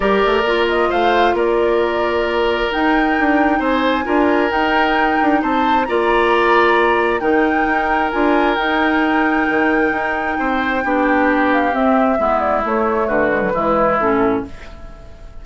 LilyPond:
<<
  \new Staff \with { instrumentName = "flute" } { \time 4/4 \tempo 4 = 133 d''4. dis''8 f''4 d''4~ | d''2 g''2 | gis''2 g''2 | a''4 ais''2. |
g''2 gis''4 g''4~ | g''1~ | g''4. f''8 e''4. d''8 | cis''4 b'2 a'4 | }
  \new Staff \with { instrumentName = "oboe" } { \time 4/4 ais'2 c''4 ais'4~ | ais'1 | c''4 ais'2. | c''4 d''2. |
ais'1~ | ais'2. c''4 | g'2. e'4~ | e'4 fis'4 e'2 | }
  \new Staff \with { instrumentName = "clarinet" } { \time 4/4 g'4 f'2.~ | f'2 dis'2~ | dis'4 f'4 dis'2~ | dis'4 f'2. |
dis'2 f'4 dis'4~ | dis'1 | d'2 c'4 b4 | a4. gis16 fis16 gis4 cis'4 | }
  \new Staff \with { instrumentName = "bassoon" } { \time 4/4 g8 a8 ais4 a4 ais4~ | ais2 dis'4 d'4 | c'4 d'4 dis'4. d'8 | c'4 ais2. |
dis4 dis'4 d'4 dis'4~ | dis'4 dis4 dis'4 c'4 | b2 c'4 gis4 | a4 d4 e4 a,4 | }
>>